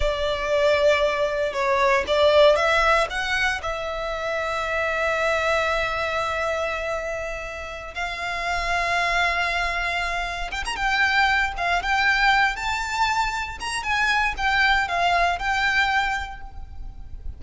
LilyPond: \new Staff \with { instrumentName = "violin" } { \time 4/4 \tempo 4 = 117 d''2. cis''4 | d''4 e''4 fis''4 e''4~ | e''1~ | e''2.~ e''8 f''8~ |
f''1~ | f''8 g''16 ais''16 g''4. f''8 g''4~ | g''8 a''2 ais''8 gis''4 | g''4 f''4 g''2 | }